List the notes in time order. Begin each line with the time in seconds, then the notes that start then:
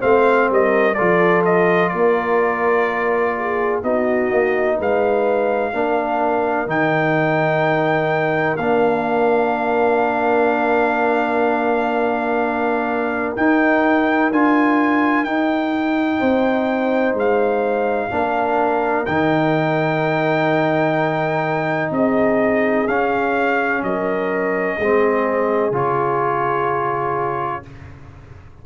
0.00 A3 C4 C5 F5
0.51 G3 A#4 D#5
0.95 F3 F4 A4 D5
1.45 D#5
1.89 A#3 A#4 D5
3.38 G#4
3.84 B3 D#4 F#4 D#5
4.31 A#3
4.77 G#3 B4 F5
5.73 A#3 D4 A#4
6.67 D#3 D#4 G5
8.57 A#3 D4 F5
13.37 D#4 G5
14.31 D4 F4 G#5
15.24 D#4 G5
16.19 C4 C5
17.14 G#3 F5
18.11 A#3 D4 A#4
19.06 D#3 D#4 G5
21.91 C4 G#4 D#5
22.88 C#4 F5
23.83 F#3 A#4 D#5
24.78 G#3 C4 G#4
25.72 C#3 F4 C#5